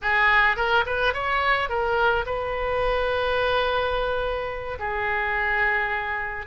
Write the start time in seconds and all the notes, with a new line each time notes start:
0.02 G#4
0.56 A#4
0.86 B4
1.13 C#5
1.69 A#4
2.26 B4
4.79 G#4